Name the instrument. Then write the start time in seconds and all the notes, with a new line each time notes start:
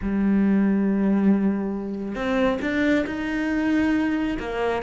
cello
0.01 G3
2.15 C4
2.61 D4
3.06 D#4
4.39 A#3